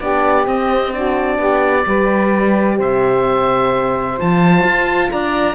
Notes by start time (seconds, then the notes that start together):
0.00 B3 D4 G4 D5
0.45 C4 D#5
0.91 D4 F#4 D5
1.38 B3 G4
1.85 G3 G4 B4
2.77 C3 C5 E5
4.17 F3 F4 A5
4.63 F4
5.11 D4 D5 A#5